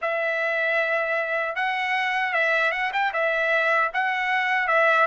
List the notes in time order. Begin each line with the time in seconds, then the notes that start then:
0.01 E5
1.55 F#5
2.33 E5
2.71 F#5
2.92 G5
3.13 E5
3.93 F#5
4.68 E5